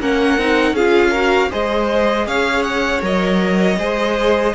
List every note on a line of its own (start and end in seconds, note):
0.00 0.38 A#3
0.00 0.38 C#4
0.00 0.75 A#4
0.00 0.75 F#5
0.38 0.72 C4
0.38 0.76 D#4
0.72 1.48 C#4
0.72 1.15 F4
0.72 1.10 G#4
0.72 1.51 F5
1.10 1.50 F#4
1.10 1.48 A#4
1.50 2.27 G#3
1.50 3.01 G#4
1.50 2.27 C5
1.50 2.27 D#5
2.27 3.02 C#4
2.27 3.79 C#5
2.27 2.63 F5
2.63 3.01 F#5
3.01 3.78 F#3
3.01 3.77 A#4
3.01 4.55 D#5
3.78 4.54 G#3
3.78 4.55 G#4
3.78 4.55 C5